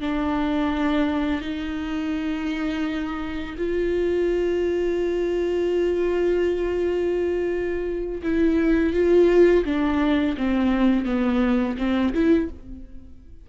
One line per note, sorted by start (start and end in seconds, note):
0.00 1.41 D4
1.41 3.55 D#4
3.57 8.21 F4
8.22 8.93 E4
8.93 9.64 F4
9.64 10.36 D4
10.37 11.05 C4
11.05 11.76 B3
11.77 12.13 C4
12.13 12.49 E4